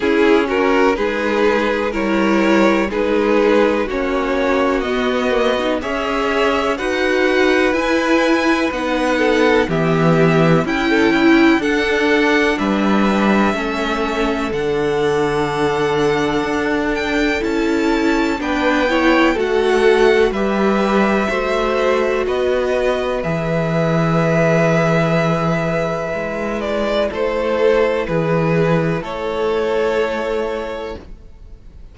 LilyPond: <<
  \new Staff \with { instrumentName = "violin" } { \time 4/4 \tempo 4 = 62 gis'8 ais'8 b'4 cis''4 b'4 | cis''4 dis''4 e''4 fis''4 | gis''4 fis''4 e''4 g''4 | fis''4 e''2 fis''4~ |
fis''4. g''8 a''4 g''4 | fis''4 e''2 dis''4 | e''2.~ e''8 d''8 | c''4 b'4 cis''2 | }
  \new Staff \with { instrumentName = "violin" } { \time 4/4 e'8 fis'8 gis'4 ais'4 gis'4 | fis'2 cis''4 b'4~ | b'4. a'8 g'4 e'16 a'16 e'8 | a'4 b'4 a'2~ |
a'2. b'8 cis''8 | a'4 b'4 c''4 b'4~ | b'1 | a'4 gis'4 a'2 | }
  \new Staff \with { instrumentName = "viola" } { \time 4/4 cis'4 dis'4 e'4 dis'4 | cis'4 b8 ais16 dis'16 gis'4 fis'4 | e'4 dis'4 b4 e'4 | d'2 cis'4 d'4~ |
d'2 e'4 d'8 e'8 | fis'4 g'4 fis'2 | gis'2. e'4~ | e'1 | }
  \new Staff \with { instrumentName = "cello" } { \time 4/4 cis'4 gis4 g4 gis4 | ais4 b4 cis'4 dis'4 | e'4 b4 e4 cis'4 | d'4 g4 a4 d4~ |
d4 d'4 cis'4 b4 | a4 g4 a4 b4 | e2. gis4 | a4 e4 a2 | }
>>